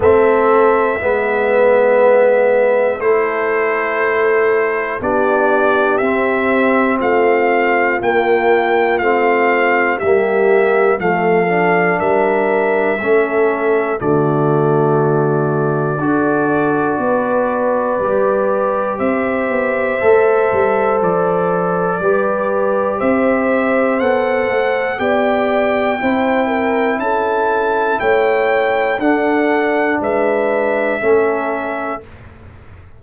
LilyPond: <<
  \new Staff \with { instrumentName = "trumpet" } { \time 4/4 \tempo 4 = 60 e''2. c''4~ | c''4 d''4 e''4 f''4 | g''4 f''4 e''4 f''4 | e''2 d''2~ |
d''2. e''4~ | e''4 d''2 e''4 | fis''4 g''2 a''4 | g''4 fis''4 e''2 | }
  \new Staff \with { instrumentName = "horn" } { \time 4/4 a'4 b'2 a'4~ | a'4 g'2 f'4~ | f'2 g'4 a'4 | ais'4 a'4 fis'2 |
a'4 b'2 c''4~ | c''2 b'4 c''4~ | c''4 d''4 c''8 ais'8 a'4 | cis''4 a'4 b'4 a'4 | }
  \new Staff \with { instrumentName = "trombone" } { \time 4/4 c'4 b2 e'4~ | e'4 d'4 c'2 | ais4 c'4 ais4 a8 d'8~ | d'4 cis'4 a2 |
fis'2 g'2 | a'2 g'2 | a'4 g'4 e'2~ | e'4 d'2 cis'4 | }
  \new Staff \with { instrumentName = "tuba" } { \time 4/4 a4 gis2 a4~ | a4 b4 c'4 a4 | ais4 a4 g4 f4 | g4 a4 d2 |
d'4 b4 g4 c'8 b8 | a8 g8 f4 g4 c'4 | b8 a8 b4 c'4 cis'4 | a4 d'4 gis4 a4 | }
>>